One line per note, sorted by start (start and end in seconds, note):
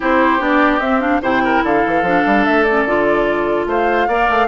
0.00 0.39 C4
0.00 0.39 E4
0.00 1.21 G4
0.00 0.41 C5
0.39 0.80 B3
0.39 0.80 D4
0.39 0.80 D5
0.80 1.20 C4
0.80 1.00 C4
0.80 1.00 E5
1.00 1.20 D4
1.00 1.20 F5
1.21 1.62 C3
1.21 2.03 E4
1.21 1.42 C5
1.21 1.64 G5
1.44 1.63 A#4
1.63 1.84 D3
1.63 3.68 A4
1.63 2.45 F5
1.86 2.02 E3
2.02 2.22 F3
2.02 2.67 D4
2.26 2.46 G3
2.45 2.85 A3
2.45 2.63 E5
2.63 2.87 C#4
2.63 3.65 D5
2.85 3.66 D3
2.85 4.09 F4
3.66 4.06 A3
3.66 4.07 C5
3.66 4.47 F5
4.07 4.28 A#3
4.07 4.47 A#4
4.07 4.47 D5
4.29 4.47 A3